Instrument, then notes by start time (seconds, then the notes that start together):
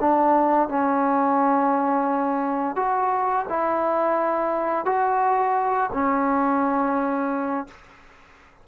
trombone
0.00 D4
0.68 C#4
2.76 F#4
3.49 E4
4.85 F#4
5.93 C#4